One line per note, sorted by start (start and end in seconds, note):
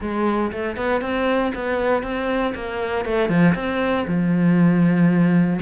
0.00 0.51 G#3
0.52 0.76 A3
0.76 1.01 B3
1.01 1.52 C4
1.55 2.02 B3
2.02 2.53 C4
2.54 3.05 A#3
3.05 3.29 A3
3.29 3.54 F3
3.55 4.05 C4
4.07 5.59 F3